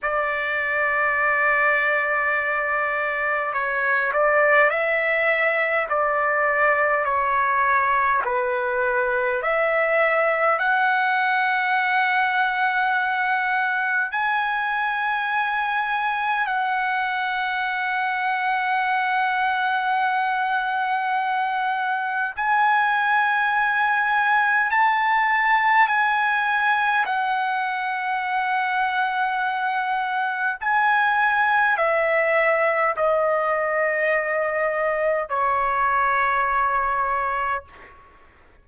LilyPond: \new Staff \with { instrumentName = "trumpet" } { \time 4/4 \tempo 4 = 51 d''2. cis''8 d''8 | e''4 d''4 cis''4 b'4 | e''4 fis''2. | gis''2 fis''2~ |
fis''2. gis''4~ | gis''4 a''4 gis''4 fis''4~ | fis''2 gis''4 e''4 | dis''2 cis''2 | }